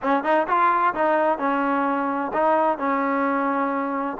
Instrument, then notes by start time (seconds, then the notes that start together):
trombone
0.02 C#4
0.23 D#4
0.47 F4
0.94 D#4
1.38 C#4
2.33 D#4
2.77 C#4